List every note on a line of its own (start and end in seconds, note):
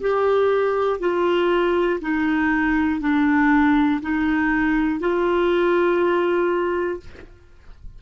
0.00 0.99 G4
0.99 1.99 F4
2.00 3.00 D#4
3.00 4.00 D4
4.01 5.00 D#4
5.00 7.00 F4